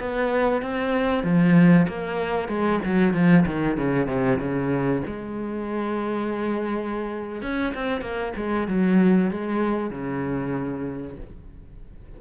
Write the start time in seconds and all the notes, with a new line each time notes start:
0.00 B3
0.63 C4
1.24 F3
1.88 A#3
2.49 G#3
2.85 F#3
3.14 F3
3.46 D#3
3.78 C#3
4.07 C3
4.39 C#3
5.07 G#3
7.43 C#4
7.75 C4
8.02 A#3
8.37 G#3
8.68 F#3
9.31 G#3
9.91 C#3